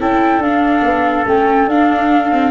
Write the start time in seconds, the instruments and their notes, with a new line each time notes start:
0.00 tuba C#4, viola E4, trumpet A4, flute G5
0.38 tuba D4, flute F5
0.44 viola D4
0.82 tuba B3
1.26 tuba A3, viola C#4, flute G5
1.67 tuba D4, viola D4, flute F5
2.32 viola C4